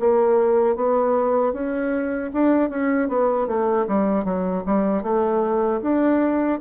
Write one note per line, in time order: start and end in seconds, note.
0.00 0.76 A#3
0.76 1.53 B3
1.53 2.31 C#4
2.33 2.70 D4
2.70 3.09 C#4
3.09 3.47 B3
3.47 3.86 A3
3.88 4.25 G3
4.25 4.64 F#3
4.66 5.03 G3
5.03 5.81 A3
5.82 6.60 D4